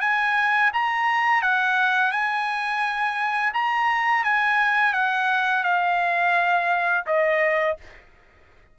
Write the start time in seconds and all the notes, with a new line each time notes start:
0.00 G#5
0.73 A#5
1.41 F#5
2.11 G#5
3.53 A#5
4.24 G#5
4.93 F#5
5.63 F5
7.06 D#5